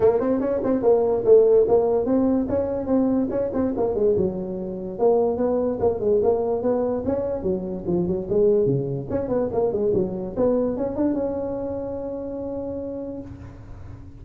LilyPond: \new Staff \with { instrumentName = "tuba" } { \time 4/4 \tempo 4 = 145 ais8 c'8 cis'8 c'8 ais4 a4 | ais4 c'4 cis'4 c'4 | cis'8 c'8 ais8 gis8 fis2 | ais4 b4 ais8 gis8 ais4 |
b4 cis'4 fis4 f8 fis8 | gis4 cis4 cis'8 b8 ais8 gis8 | fis4 b4 cis'8 d'8 cis'4~ | cis'1 | }